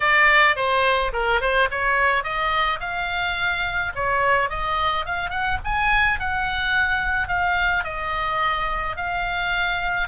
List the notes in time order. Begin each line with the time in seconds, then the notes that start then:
0.00 D5
0.56 C5
1.12 A#4
1.40 C5
1.70 C#5
2.23 D#5
2.80 F5
3.95 C#5
4.49 D#5
5.05 F5
5.29 F#5
5.64 G#5
6.19 F#5
7.28 F5
7.84 D#5
8.96 F5